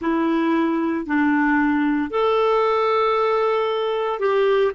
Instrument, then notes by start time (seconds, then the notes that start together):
clarinet
0.00 E4
1.06 D4
2.10 A4
4.19 G4